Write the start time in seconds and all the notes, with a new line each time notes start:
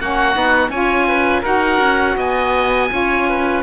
0.00 A#3 C#4 F#4 F#5
0.35 B3 D#4
0.69 C#4 F4 C#5 G#5
1.08 B4
1.42 D#4 F#4 A#4 F#5
1.80 C#4
2.17 B3 D#5 G#5
2.90 C#4 F4 C#5
3.29 B4